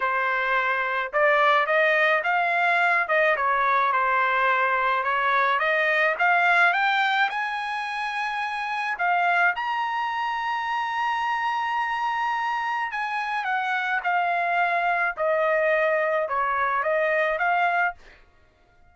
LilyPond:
\new Staff \with { instrumentName = "trumpet" } { \time 4/4 \tempo 4 = 107 c''2 d''4 dis''4 | f''4. dis''8 cis''4 c''4~ | c''4 cis''4 dis''4 f''4 | g''4 gis''2. |
f''4 ais''2.~ | ais''2. gis''4 | fis''4 f''2 dis''4~ | dis''4 cis''4 dis''4 f''4 | }